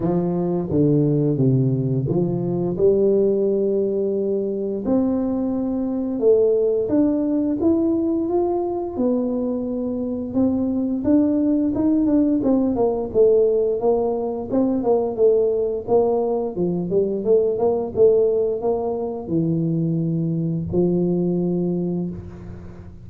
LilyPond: \new Staff \with { instrumentName = "tuba" } { \time 4/4 \tempo 4 = 87 f4 d4 c4 f4 | g2. c'4~ | c'4 a4 d'4 e'4 | f'4 b2 c'4 |
d'4 dis'8 d'8 c'8 ais8 a4 | ais4 c'8 ais8 a4 ais4 | f8 g8 a8 ais8 a4 ais4 | e2 f2 | }